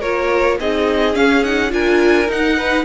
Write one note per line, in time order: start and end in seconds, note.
0.00 0.60 A#3
0.00 0.58 F4
0.00 0.57 A#4
0.00 0.58 C#5
0.60 1.15 C4
0.60 1.14 D#4
0.60 1.73 G#4
0.60 1.15 D#5
1.14 1.43 C#4
1.14 1.72 C#4
1.14 1.44 F5
1.44 1.70 D#4
1.44 1.72 F#5
1.70 2.29 D4
1.70 2.26 F4
1.70 2.57 A#4
1.70 2.30 G#5
2.27 2.84 D#4
2.27 2.85 D#4
2.27 2.85 F#5
2.57 2.85 B4